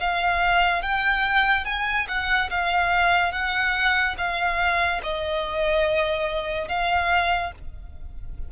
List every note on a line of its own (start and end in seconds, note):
0.00 0.82 F5
0.82 1.65 G5
1.65 2.07 G#5
2.08 2.50 F#5
2.50 3.32 F5
3.32 4.16 F#5
4.17 5.01 F5
5.03 6.68 D#5
6.68 7.52 F5